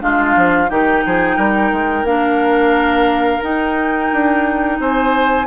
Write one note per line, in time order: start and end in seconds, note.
0.00 0.36 G#3
0.00 0.68 D4
0.00 0.70 F4
0.00 0.70 F5
0.36 0.70 F3
0.69 1.04 D#3
0.69 2.06 D#4
0.69 1.04 G4
0.69 2.06 G5
1.06 1.37 F3
1.06 1.37 G#4
1.37 1.72 G3
1.37 4.77 A#4
1.73 2.04 G#3
2.04 3.40 A#3
2.04 3.42 D4
2.04 3.42 F5
3.42 5.46 D#4
3.42 4.11 D#4
3.42 4.79 G5
4.12 4.80 D4
4.80 5.47 C4
4.80 5.47 C5
4.80 5.47 G#5